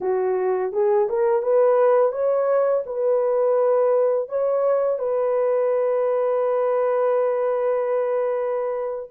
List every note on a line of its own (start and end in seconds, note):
0.00 0.72 F#4
0.72 1.08 G#4
1.09 1.42 A#4
1.42 2.12 B4
2.12 2.83 C#5
2.86 4.28 B4
4.28 4.98 C#5
4.98 9.09 B4